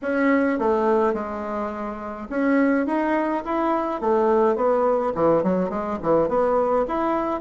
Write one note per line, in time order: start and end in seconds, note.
0.02 0.59 C#4
0.59 1.13 A3
1.13 2.27 G#3
2.29 2.86 C#4
2.86 3.43 D#4
3.44 4.00 E4
4.00 4.55 A3
4.55 5.12 B3
5.14 5.43 E3
5.43 5.69 F#3
5.69 5.98 G#3
6.02 6.28 E3
6.28 6.85 B3
6.87 7.40 E4